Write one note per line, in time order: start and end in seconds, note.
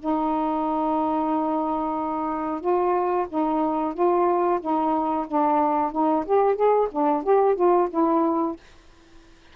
0.00 2.61 D#4
2.61 3.27 F4
3.29 3.94 D#4
3.94 4.60 F4
4.61 5.27 D#4
5.27 5.92 D4
5.92 6.25 D#4
6.26 6.55 G4
6.55 6.88 G#4
6.91 7.23 D4
7.23 7.56 G4
7.56 7.89 F4
7.90 8.56 E4